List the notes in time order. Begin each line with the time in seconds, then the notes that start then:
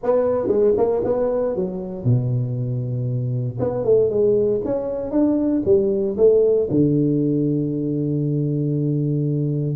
0.03 B3
0.47 G#3
0.77 A#3
1.04 B3
1.55 F#3
2.04 B2
3.59 B3
3.84 A3
4.09 G#3
4.64 C#4
5.11 D4
5.65 G3
6.17 A3
6.70 D3